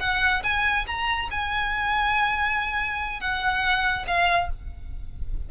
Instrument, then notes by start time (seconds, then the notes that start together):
violin
0.00 F#5
0.43 G#5
0.87 A#5
1.31 G#5
3.20 F#5
4.07 F5